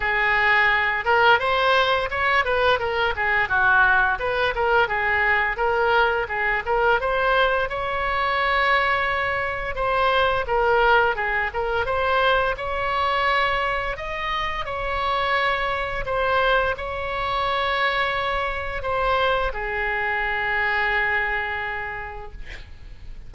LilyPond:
\new Staff \with { instrumentName = "oboe" } { \time 4/4 \tempo 4 = 86 gis'4. ais'8 c''4 cis''8 b'8 | ais'8 gis'8 fis'4 b'8 ais'8 gis'4 | ais'4 gis'8 ais'8 c''4 cis''4~ | cis''2 c''4 ais'4 |
gis'8 ais'8 c''4 cis''2 | dis''4 cis''2 c''4 | cis''2. c''4 | gis'1 | }